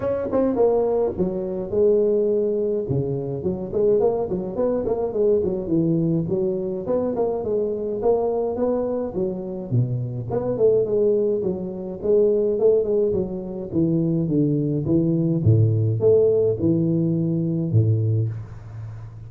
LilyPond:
\new Staff \with { instrumentName = "tuba" } { \time 4/4 \tempo 4 = 105 cis'8 c'8 ais4 fis4 gis4~ | gis4 cis4 fis8 gis8 ais8 fis8 | b8 ais8 gis8 fis8 e4 fis4 | b8 ais8 gis4 ais4 b4 |
fis4 b,4 b8 a8 gis4 | fis4 gis4 a8 gis8 fis4 | e4 d4 e4 a,4 | a4 e2 a,4 | }